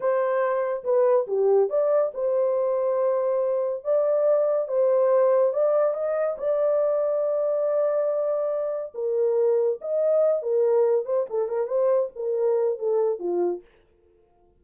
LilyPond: \new Staff \with { instrumentName = "horn" } { \time 4/4 \tempo 4 = 141 c''2 b'4 g'4 | d''4 c''2.~ | c''4 d''2 c''4~ | c''4 d''4 dis''4 d''4~ |
d''1~ | d''4 ais'2 dis''4~ | dis''8 ais'4. c''8 a'8 ais'8 c''8~ | c''8 ais'4. a'4 f'4 | }